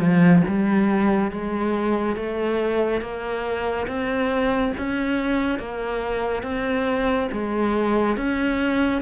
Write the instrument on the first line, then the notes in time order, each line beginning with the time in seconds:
cello
0.00 F3
0.48 G3
1.32 G#3
2.16 A3
3.02 A#3
3.88 C4
4.78 C#4
5.59 A#3
6.43 C4
7.32 G#3
8.17 C#4